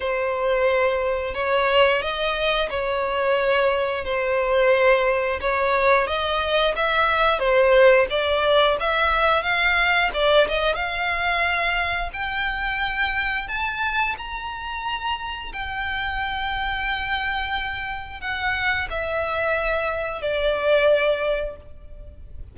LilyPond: \new Staff \with { instrumentName = "violin" } { \time 4/4 \tempo 4 = 89 c''2 cis''4 dis''4 | cis''2 c''2 | cis''4 dis''4 e''4 c''4 | d''4 e''4 f''4 d''8 dis''8 |
f''2 g''2 | a''4 ais''2 g''4~ | g''2. fis''4 | e''2 d''2 | }